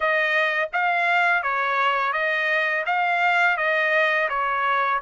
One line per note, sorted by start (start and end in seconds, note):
0.00 0.69 D#5
0.72 1.43 F5
1.43 2.12 C#5
2.12 2.84 D#5
2.86 3.57 F5
3.57 4.28 D#5
4.29 5.00 C#5